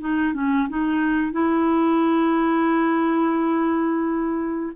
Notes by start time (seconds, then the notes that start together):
0.00 D#4
0.33 C#4
0.68 D#4
1.32 E4